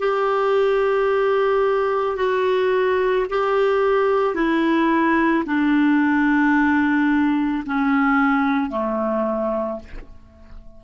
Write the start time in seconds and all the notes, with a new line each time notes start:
0.00 G4
2.17 F#4
3.30 G4
4.35 E4
5.46 D4
7.66 C#4
8.71 A3